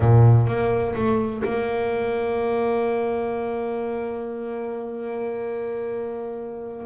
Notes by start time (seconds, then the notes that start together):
0.00 A#2
0.47 A#3
0.95 A3
1.44 A#3